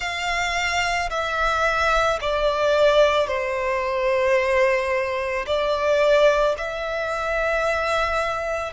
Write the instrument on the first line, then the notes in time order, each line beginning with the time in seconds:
violin
0.00 F5
1.10 E5
2.21 D5
3.27 C5
5.46 D5
6.57 E5